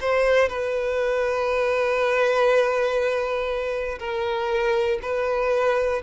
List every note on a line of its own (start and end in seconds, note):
0.00 0.49 C5
0.49 3.99 B4
3.99 4.99 A#4
5.01 6.01 B4